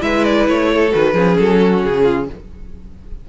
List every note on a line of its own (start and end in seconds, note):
0.00 0.47 G#3
0.00 0.90 E4
0.00 0.71 B4
0.00 0.23 E5
0.23 0.46 D5
0.47 0.92 A3
0.47 0.92 C#5
0.73 1.14 A4
0.91 1.14 D#3
0.91 1.13 F#4
0.91 1.37 B4
1.14 1.36 F3
1.14 2.28 C#4
1.14 1.59 G#4
1.38 1.84 F#3
1.38 1.83 A4
1.60 2.02 F#4
1.83 2.29 C#3
1.83 2.29 G#4
2.02 2.25 F4